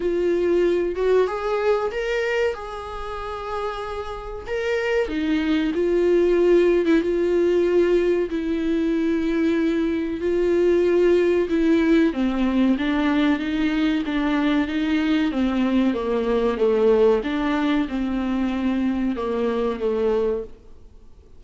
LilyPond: \new Staff \with { instrumentName = "viola" } { \time 4/4 \tempo 4 = 94 f'4. fis'8 gis'4 ais'4 | gis'2. ais'4 | dis'4 f'4.~ f'16 e'16 f'4~ | f'4 e'2. |
f'2 e'4 c'4 | d'4 dis'4 d'4 dis'4 | c'4 ais4 a4 d'4 | c'2 ais4 a4 | }